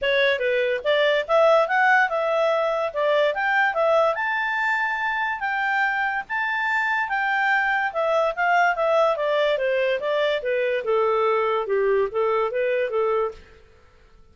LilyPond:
\new Staff \with { instrumentName = "clarinet" } { \time 4/4 \tempo 4 = 144 cis''4 b'4 d''4 e''4 | fis''4 e''2 d''4 | g''4 e''4 a''2~ | a''4 g''2 a''4~ |
a''4 g''2 e''4 | f''4 e''4 d''4 c''4 | d''4 b'4 a'2 | g'4 a'4 b'4 a'4 | }